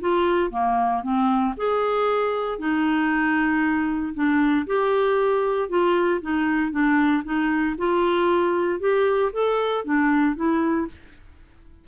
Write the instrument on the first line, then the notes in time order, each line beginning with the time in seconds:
clarinet
0.00 F4
0.50 A#3
1.02 C4
1.57 G#4
2.58 D#4
4.14 D4
4.66 G4
5.69 F4
6.21 D#4
6.71 D4
7.24 D#4
7.78 F4
8.80 G4
9.32 A4
9.84 D4
10.35 E4